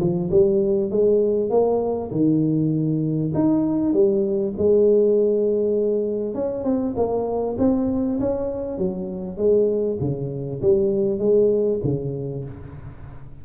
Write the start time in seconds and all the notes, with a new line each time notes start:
0.00 F3
0.31 G3
0.90 G#3
1.50 A#3
2.11 D#3
3.34 D#4
3.93 G3
4.58 G#3
6.34 C#4
6.64 C4
6.96 A#3
7.59 C4
8.20 C#4
8.78 F#3
9.37 G#3
10.01 C#3
10.62 G3
11.19 G#3
11.84 C#3